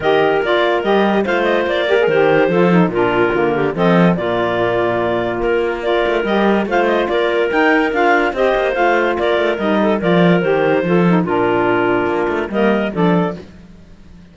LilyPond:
<<
  \new Staff \with { instrumentName = "clarinet" } { \time 4/4 \tempo 4 = 144 dis''4 d''4 dis''4 f''8 dis''8 | d''4 c''2 ais'4~ | ais'4 dis''4 d''2~ | d''4 ais'4 d''4 dis''4 |
f''8 dis''8 d''4 g''4 f''4 | dis''4 f''4 d''4 dis''4 | d''4 c''2 ais'4~ | ais'2 dis''4 d''4 | }
  \new Staff \with { instrumentName = "clarinet" } { \time 4/4 ais'2. c''4~ | c''8 ais'4. a'4 f'4~ | f'8 g'8 a'4 f'2~ | f'2 ais'2 |
c''4 ais'2. | c''2 ais'4. a'8 | ais'2 a'4 f'4~ | f'2 ais'4 a'4 | }
  \new Staff \with { instrumentName = "saxophone" } { \time 4/4 g'4 f'4 g'4 f'4~ | f'8 g'16 gis'16 g'4 f'8 dis'8 d'4 | ais4 c'4 ais2~ | ais2 f'4 g'4 |
f'2 dis'4 f'4 | g'4 f'2 dis'4 | f'4 g'4 f'8 dis'8 d'4~ | d'2 ais4 d'4 | }
  \new Staff \with { instrumentName = "cello" } { \time 4/4 dis4 ais4 g4 a4 | ais4 dis4 f4 ais,4 | d4 f4 ais,2~ | ais,4 ais4. a8 g4 |
a4 ais4 dis'4 d'4 | c'8 ais8 a4 ais8 a8 g4 | f4 dis4 f4 ais,4~ | ais,4 ais8 a8 g4 f4 | }
>>